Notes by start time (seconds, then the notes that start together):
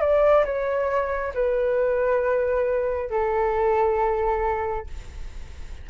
0.00 D5
0.45 C#5
1.34 B4
3.10 A4